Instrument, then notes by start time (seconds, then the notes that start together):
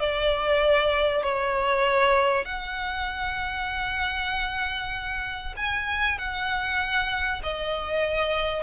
violin
0.00 D5
1.23 C#5
2.45 F#5
5.57 G#5
6.19 F#5
7.43 D#5